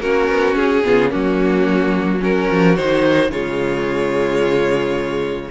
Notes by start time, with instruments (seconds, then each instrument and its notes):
0.00 cello A#3, viola C#4, violin F#4 A#4
0.29 cello B3
0.55 cello C#4, violin G#4
0.84 cello C#3, viola B3, violin F4
1.10 cello F#3, viola A#3, violin C#4 F#4
2.20 viola C#4, violin F#4 A#4
2.50 cello F3
2.76 cello D#3, viola D#4, violin C5
3.30 cello C#3, viola G#3, violin F4 C#5